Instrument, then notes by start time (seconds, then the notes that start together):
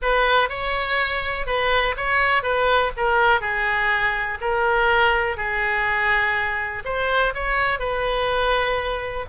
oboe
0.02 B4
0.49 C#5
1.46 B4
1.96 C#5
2.42 B4
2.96 A#4
3.40 G#4
4.40 A#4
5.36 G#4
6.84 C5
7.34 C#5
7.79 B4